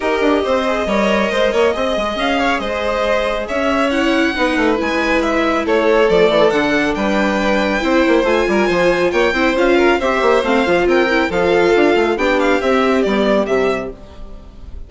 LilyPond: <<
  \new Staff \with { instrumentName = "violin" } { \time 4/4 \tempo 4 = 138 dis''1~ | dis''4 f''4 dis''2 | e''4 fis''2 gis''4 | e''4 cis''4 d''4 fis''4 |
g''2. gis''4~ | gis''4 g''4 f''4 e''4 | f''4 g''4 f''2 | g''8 f''8 e''4 d''4 e''4 | }
  \new Staff \with { instrumentName = "violin" } { \time 4/4 ais'4 c''4 cis''4 c''8 cis''8 | dis''4. cis''8 c''2 | cis''2 b'2~ | b'4 a'2. |
b'2 c''4. ais'8 | c''4 cis''8 c''4 ais'8 c''4~ | c''4 ais'4 a'2 | g'1 | }
  \new Staff \with { instrumentName = "viola" } { \time 4/4 g'4. gis'8 ais'2 | gis'1~ | gis'4 e'4 dis'4 e'4~ | e'2 a4 d'4~ |
d'2 e'4 f'4~ | f'4. e'8 f'4 g'4 | c'8 f'4 e'8 f'2 | d'4 c'4 b4 g4 | }
  \new Staff \with { instrumentName = "bassoon" } { \time 4/4 dis'8 d'8 c'4 g4 gis8 ais8 | c'8 gis8 cis'4 gis2 | cis'2 b8 a8 gis4~ | gis4 a4 f8 e8 d4 |
g2 c'8 ais8 a8 g8 | f4 ais8 c'8 cis'4 c'8 ais8 | a8 f8 c'4 f4 d'8 a8 | b4 c'4 g4 c4 | }
>>